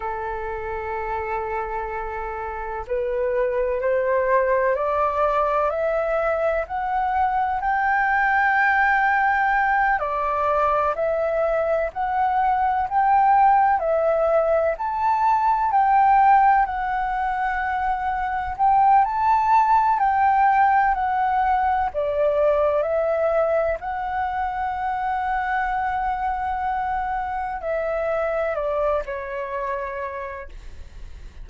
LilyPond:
\new Staff \with { instrumentName = "flute" } { \time 4/4 \tempo 4 = 63 a'2. b'4 | c''4 d''4 e''4 fis''4 | g''2~ g''8 d''4 e''8~ | e''8 fis''4 g''4 e''4 a''8~ |
a''8 g''4 fis''2 g''8 | a''4 g''4 fis''4 d''4 | e''4 fis''2.~ | fis''4 e''4 d''8 cis''4. | }